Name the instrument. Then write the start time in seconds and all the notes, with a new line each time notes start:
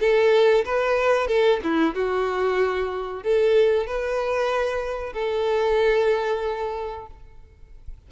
violin
0.00 A4
0.65 B4
1.27 A4
1.63 E4
1.94 F#4
3.23 A4
3.87 B4
5.13 A4